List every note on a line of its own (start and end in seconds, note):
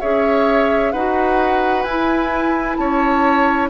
0.00 0.93 C#4
0.00 0.93 G#4
0.00 0.92 C#5
0.00 0.92 E5
0.92 1.84 D#4
0.92 1.87 F#4
0.92 2.77 B4
0.92 1.83 F#5
1.83 2.77 E4
1.83 3.69 E4
1.83 2.76 G#5
2.76 3.69 C#4
2.76 3.69 C#5
2.76 3.68 A5